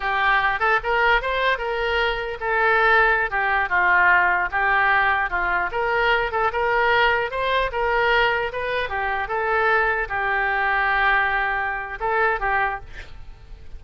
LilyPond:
\new Staff \with { instrumentName = "oboe" } { \time 4/4 \tempo 4 = 150 g'4. a'8 ais'4 c''4 | ais'2 a'2~ | a'16 g'4 f'2 g'8.~ | g'4~ g'16 f'4 ais'4. a'16~ |
a'16 ais'2 c''4 ais'8.~ | ais'4~ ais'16 b'4 g'4 a'8.~ | a'4~ a'16 g'2~ g'8.~ | g'2 a'4 g'4 | }